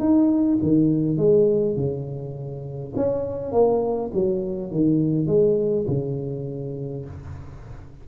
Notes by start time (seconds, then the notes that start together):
0.00 D#4
0.63 D#3
1.17 G#3
1.76 C#3
2.96 C#4
3.52 A#3
4.13 F#3
4.72 D#3
5.27 G#3
5.88 C#3